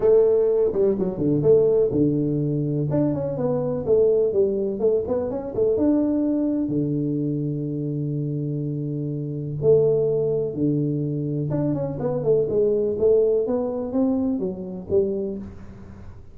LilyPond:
\new Staff \with { instrumentName = "tuba" } { \time 4/4 \tempo 4 = 125 a4. g8 fis8 d8 a4 | d2 d'8 cis'8 b4 | a4 g4 a8 b8 cis'8 a8 | d'2 d2~ |
d1 | a2 d2 | d'8 cis'8 b8 a8 gis4 a4 | b4 c'4 fis4 g4 | }